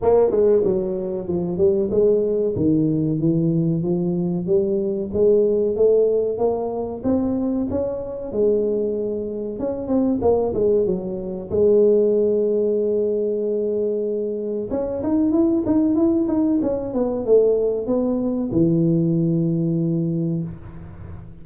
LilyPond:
\new Staff \with { instrumentName = "tuba" } { \time 4/4 \tempo 4 = 94 ais8 gis8 fis4 f8 g8 gis4 | dis4 e4 f4 g4 | gis4 a4 ais4 c'4 | cis'4 gis2 cis'8 c'8 |
ais8 gis8 fis4 gis2~ | gis2. cis'8 dis'8 | e'8 dis'8 e'8 dis'8 cis'8 b8 a4 | b4 e2. | }